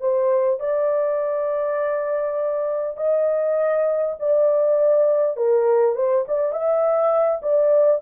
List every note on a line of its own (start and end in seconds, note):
0.00 0.59 C5
0.59 2.96 D5
2.96 4.15 D#5
4.19 5.36 D5
5.36 5.95 A#4
5.95 6.25 C5
6.27 6.52 D5
6.52 7.41 E5
7.42 8.01 D5